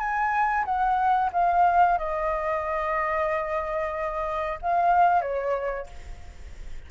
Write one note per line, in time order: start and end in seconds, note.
0.00 0.65 G#5
0.65 1.31 F#5
1.33 1.98 F5
1.98 4.59 D#5
4.62 5.22 F5
5.22 5.87 C#5